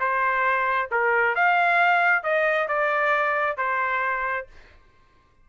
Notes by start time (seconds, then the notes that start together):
0.00 C5
0.91 A#4
1.35 F5
2.23 D#5
2.68 D5
3.57 C5